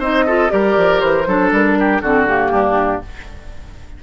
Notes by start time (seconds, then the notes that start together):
0.00 C4 D#4 C5 D#5
0.27 F4 A4
0.49 G3 G4 A#4 D5
0.77 F3
1.01 E3 C5
1.27 F#3 D4 A4
1.52 G3 A#4
1.80 G4
2.01 D3 C4 F#4 A4
2.27 A#3 G4
2.51 G2 D4